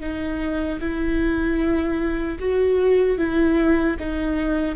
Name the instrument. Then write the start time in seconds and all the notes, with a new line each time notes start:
viola
0.00 D#4
0.80 E4
2.39 F#4
3.18 E4
3.99 D#4